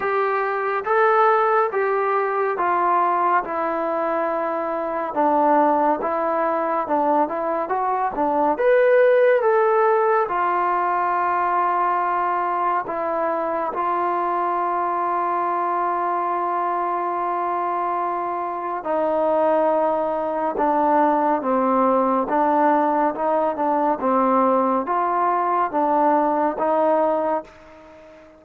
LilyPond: \new Staff \with { instrumentName = "trombone" } { \time 4/4 \tempo 4 = 70 g'4 a'4 g'4 f'4 | e'2 d'4 e'4 | d'8 e'8 fis'8 d'8 b'4 a'4 | f'2. e'4 |
f'1~ | f'2 dis'2 | d'4 c'4 d'4 dis'8 d'8 | c'4 f'4 d'4 dis'4 | }